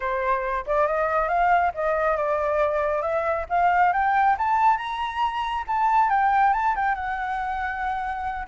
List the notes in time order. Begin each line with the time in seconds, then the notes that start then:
0.00 C5
0.66 D5
0.87 D#5
1.28 F5
1.74 D#5
2.16 D5
3.02 E5
3.49 F5
3.92 G5
4.38 A5
4.77 A#5
5.67 A5
6.09 G5
6.53 A5
6.75 G5
6.95 F#5